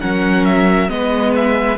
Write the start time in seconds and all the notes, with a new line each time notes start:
0.00 F#3 C#4 A#4 F#5
0.44 E5
0.89 G#3 B3 B4 D#5
1.35 E5